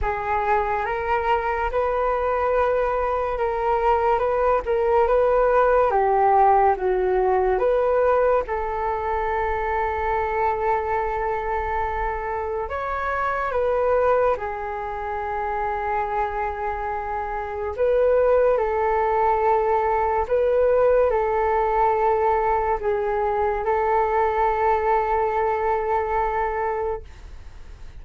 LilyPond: \new Staff \with { instrumentName = "flute" } { \time 4/4 \tempo 4 = 71 gis'4 ais'4 b'2 | ais'4 b'8 ais'8 b'4 g'4 | fis'4 b'4 a'2~ | a'2. cis''4 |
b'4 gis'2.~ | gis'4 b'4 a'2 | b'4 a'2 gis'4 | a'1 | }